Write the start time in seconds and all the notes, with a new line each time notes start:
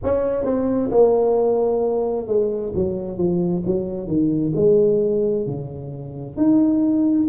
0.03 C#4
0.45 C4
0.90 A#3
2.27 G#3
2.74 F#3
3.17 F3
3.66 F#3
4.07 D#3
4.55 G#3
5.46 C#3
6.36 D#4